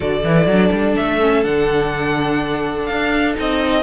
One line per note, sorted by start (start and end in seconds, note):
0.00 0.24 D3
0.00 0.23 F#4
0.00 3.83 A4
0.00 0.96 D5
0.24 0.45 E3
0.24 0.50 E4
0.45 0.69 F#3
0.45 1.20 D4
0.71 0.95 G3
0.96 1.44 A3
0.96 1.44 E5
1.20 1.43 C#4
1.43 2.88 D3
1.43 3.35 D4
1.43 2.85 F#5
2.85 3.37 D4
2.85 3.33 F5
3.35 3.83 C4
3.35 3.83 D#4
3.35 3.83 D#5